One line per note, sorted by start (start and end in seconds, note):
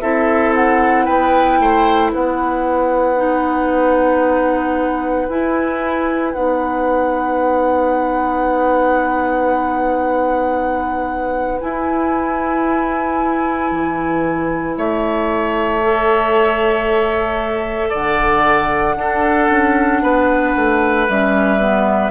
0.00 1.07 C4
0.00 3.16 E4
0.00 1.05 A4
0.00 0.53 E5
0.54 1.05 F#5
1.05 1.59 B3
1.05 1.57 B4
1.05 2.11 G5
1.59 2.12 A3
1.59 2.12 C5
2.12 5.29 B3
2.12 14.75 B4
2.12 5.28 F#5
3.16 5.27 D#4
5.28 6.34 E4
5.28 6.33 E4
5.28 6.33 G#5
6.33 11.61 B3
6.33 11.60 D#4
6.33 11.59 F#5
11.60 15.81 E4
11.60 13.71 E4
11.60 14.76 G#5
13.71 14.77 E3
14.77 17.92 A3
14.77 17.89 C#5
14.77 17.92 E5
15.82 18.96 A4
17.89 18.95 D3
17.89 18.94 D5
17.89 21.07 F#5
18.95 19.48 D4
18.95 21.07 D4
18.95 20.02 A4
19.49 20.02 C#4
20.02 20.54 B3
20.02 22.11 B4
20.55 21.08 A3
21.07 22.11 G3
21.07 21.59 C#4
21.07 22.11 E5
21.59 22.11 B3